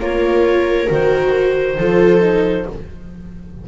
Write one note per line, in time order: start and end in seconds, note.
0.00 0.88 A#3
0.00 0.88 F4
0.00 1.78 A#4
0.00 0.90 C#5
0.88 1.78 D#3
0.88 1.76 F#4
0.88 2.68 C5
1.78 2.66 F3
1.78 2.20 F4
1.78 2.66 A4
2.20 2.65 D#4